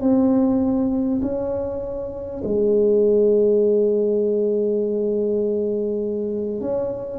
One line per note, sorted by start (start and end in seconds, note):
0.00 1.20 C4
1.21 2.41 C#4
2.43 6.61 G#3
6.61 7.19 C#4